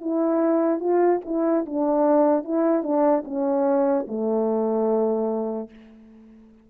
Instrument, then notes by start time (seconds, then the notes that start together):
horn
0.00 E4
0.79 F4
1.25 E4
1.65 D4
2.44 E4
2.83 D4
3.24 C#4
4.07 A3